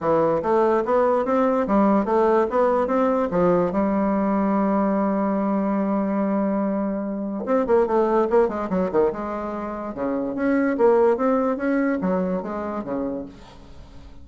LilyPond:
\new Staff \with { instrumentName = "bassoon" } { \time 4/4 \tempo 4 = 145 e4 a4 b4 c'4 | g4 a4 b4 c'4 | f4 g2.~ | g1~ |
g2 c'8 ais8 a4 | ais8 gis8 fis8 dis8 gis2 | cis4 cis'4 ais4 c'4 | cis'4 fis4 gis4 cis4 | }